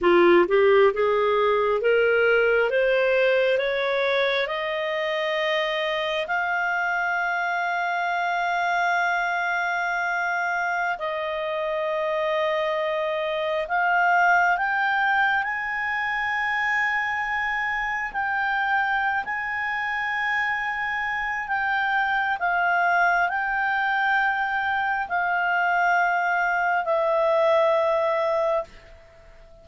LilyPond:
\new Staff \with { instrumentName = "clarinet" } { \time 4/4 \tempo 4 = 67 f'8 g'8 gis'4 ais'4 c''4 | cis''4 dis''2 f''4~ | f''1~ | f''16 dis''2. f''8.~ |
f''16 g''4 gis''2~ gis''8.~ | gis''16 g''4~ g''16 gis''2~ gis''8 | g''4 f''4 g''2 | f''2 e''2 | }